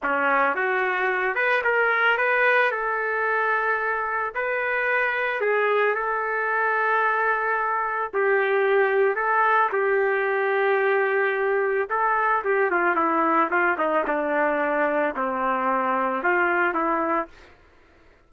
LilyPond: \new Staff \with { instrumentName = "trumpet" } { \time 4/4 \tempo 4 = 111 cis'4 fis'4. b'8 ais'4 | b'4 a'2. | b'2 gis'4 a'4~ | a'2. g'4~ |
g'4 a'4 g'2~ | g'2 a'4 g'8 f'8 | e'4 f'8 dis'8 d'2 | c'2 f'4 e'4 | }